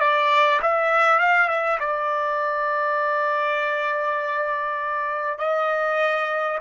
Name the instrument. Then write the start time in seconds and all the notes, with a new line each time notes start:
trumpet
0.00 D5
0.62 E5
1.19 F5
1.48 E5
1.79 D5
5.38 D#5